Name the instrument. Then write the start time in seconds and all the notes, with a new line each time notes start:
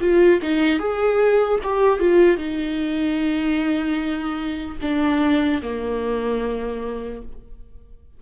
viola
0.00 F4
0.41 D#4
0.79 G#4
1.63 G4
1.99 F4
2.37 D#4
4.81 D4
5.62 A#3